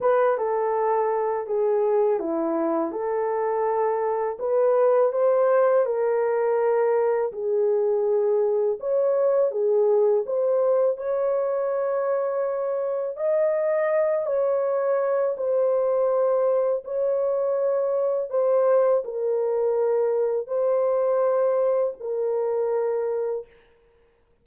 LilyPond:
\new Staff \with { instrumentName = "horn" } { \time 4/4 \tempo 4 = 82 b'8 a'4. gis'4 e'4 | a'2 b'4 c''4 | ais'2 gis'2 | cis''4 gis'4 c''4 cis''4~ |
cis''2 dis''4. cis''8~ | cis''4 c''2 cis''4~ | cis''4 c''4 ais'2 | c''2 ais'2 | }